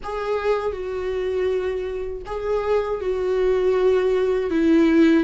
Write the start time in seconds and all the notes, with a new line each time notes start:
0.03 G#4
0.72 F#4
2.26 G#4
3.00 F#4
4.50 E4